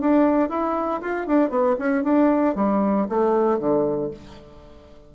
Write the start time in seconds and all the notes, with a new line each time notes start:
0.00 D4
0.49 E4
1.01 F4
1.26 D4
1.49 B3
1.78 C#4
2.03 D4
2.55 G3
3.08 A3
3.59 D3